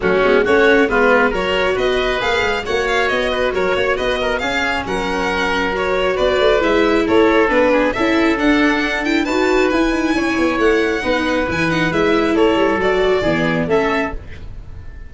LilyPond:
<<
  \new Staff \with { instrumentName = "violin" } { \time 4/4 \tempo 4 = 136 fis'4 cis''4 b'4 cis''4 | dis''4 f''4 fis''8 f''8 dis''4 | cis''4 dis''4 f''4 fis''4~ | fis''4 cis''4 d''4 e''4 |
cis''4 b'4 e''4 fis''4~ | fis''8 g''8 a''4 gis''2 | fis''2 gis''8 fis''8 e''4 | cis''4 d''2 e''4 | }
  \new Staff \with { instrumentName = "oboe" } { \time 4/4 cis'4 fis'4 f'4 ais'4 | b'2 cis''4. b'8 | ais'8 cis''8 b'8 ais'8 gis'4 ais'4~ | ais'2 b'2 |
a'4. gis'8 a'2~ | a'4 b'2 cis''4~ | cis''4 b'2. | a'2 gis'4 a'4 | }
  \new Staff \with { instrumentName = "viola" } { \time 4/4 a8 b8 cis'4 b4 fis'4~ | fis'4 gis'4 fis'2~ | fis'2 cis'2~ | cis'4 fis'2 e'4~ |
e'4 d'4 e'4 d'4~ | d'8 e'8 fis'4 e'2~ | e'4 dis'4 e'8 dis'8 e'4~ | e'4 fis'4 b4 cis'4 | }
  \new Staff \with { instrumentName = "tuba" } { \time 4/4 fis8 gis8 a4 gis4 fis4 | b4 ais8 gis8 ais4 b4 | fis8 ais8 b4 cis'4 fis4~ | fis2 b8 a8 gis4 |
a4 b4 cis'4 d'4~ | d'4 dis'4 e'8 dis'8 cis'8 b8 | a4 b4 e4 gis4 | a8 g8 fis4 e4 a4 | }
>>